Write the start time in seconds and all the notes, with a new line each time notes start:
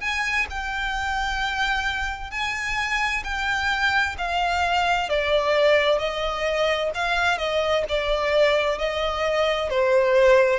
0.00 G#5
0.50 G5
2.31 G#5
3.23 G5
4.17 F5
5.09 D5
5.98 D#5
6.94 F5
7.38 D#5
7.88 D5
8.78 D#5
9.69 C5